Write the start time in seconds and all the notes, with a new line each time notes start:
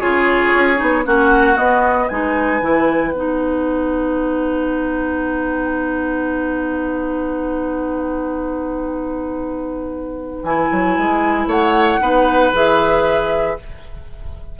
0.00 C#3 F4 G#4 C#5
0.54 C#4
0.76 B3 D#4
1.05 A#3 C#4 F#4 F#5
1.55 B3 D#5
2.09 G#3 D#4 B4 G#5
2.61 E3 E4
3.12 B3 D#4 F#5
10.43 E3 E4 G#5
10.72 F#3
10.98 G#3
11.47 A3 C#5 F#5
12.00 B3 D#4 B4
12.52 E3 G#4 E5